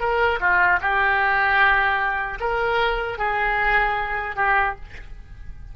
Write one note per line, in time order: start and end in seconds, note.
0.00 0.39 A#4
0.40 0.80 F4
0.81 2.39 G4
2.40 3.18 A#4
3.18 4.36 G#4
4.36 4.75 G4